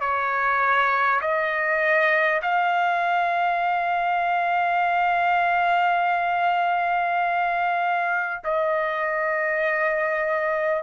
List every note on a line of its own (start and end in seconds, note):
0.00 1.20 C#5
1.21 2.41 D#5
2.42 8.42 F5
8.44 10.83 D#5